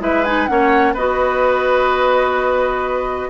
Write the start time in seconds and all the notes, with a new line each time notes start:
0.00 G#3 E4 B4 E5
0.24 D#4 G#5
0.46 A#3 C#4 C#5 F#5
0.93 B3 F#4 B4 D#5